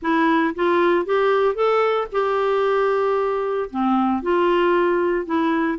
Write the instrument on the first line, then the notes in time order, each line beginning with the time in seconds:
clarinet
0.01 E4
0.55 F4
1.05 G4
1.54 A4
2.12 G4
3.70 C4
4.22 F4
5.25 E4